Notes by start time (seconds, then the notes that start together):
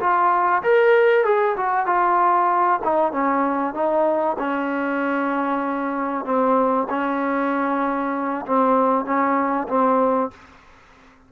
0.00 F4
0.63 A#4
1.25 G#4
1.57 F#4
1.86 F4
2.84 D#4
3.12 C#4
3.74 D#4
4.39 C#4
6.25 C4
6.89 C#4
8.46 C4
9.05 C#4
9.68 C4